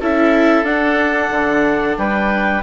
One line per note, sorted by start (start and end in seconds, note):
0.00 0.63 C#4
0.00 0.65 E4
0.00 1.98 A4
0.00 0.65 E5
0.63 1.29 D4
0.63 2.62 D4
0.63 1.97 F#5
1.30 1.96 D3
1.97 2.63 G3
1.97 2.63 B4
1.97 2.63 G5